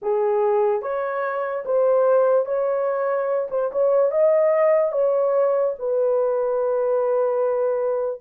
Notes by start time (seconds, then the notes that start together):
0.01 G#4
0.81 C#5
1.65 C5
2.45 C#5
3.50 C5
3.72 C#5
4.11 D#5
4.92 C#5
5.78 B4